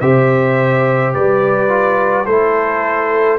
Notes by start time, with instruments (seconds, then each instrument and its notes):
0.00 tuba C3, trombone G4, horn C5, trumpet E5
1.14 tuba G3, horn B4, trumpet D5
1.68 trombone F4
2.25 tuba A3, trombone E4, horn A4, trumpet C5